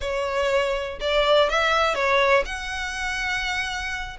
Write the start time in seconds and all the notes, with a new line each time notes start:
0.00 C#5
1.00 D5
1.49 E5
1.94 C#5
2.45 F#5